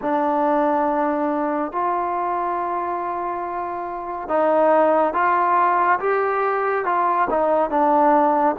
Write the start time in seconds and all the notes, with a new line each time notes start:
0.01 D4
1.71 F4
4.28 D#4
5.13 F4
5.99 G4
6.85 F4
7.29 D#4
7.69 D4